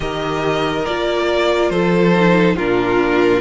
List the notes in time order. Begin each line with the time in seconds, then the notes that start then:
0.00 D#3 G4 A#4 D#5
0.85 A#3 F4 D5
1.70 F3 A4 C5
2.15 D#4
2.56 A#2 D4 F4 A#4